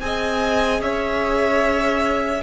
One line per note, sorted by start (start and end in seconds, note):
0.00 0.81 C4
0.00 2.44 G#4
0.00 0.83 D#5
0.00 0.81 G#5
0.81 2.43 C#4
0.81 2.44 C#5
0.81 2.44 E5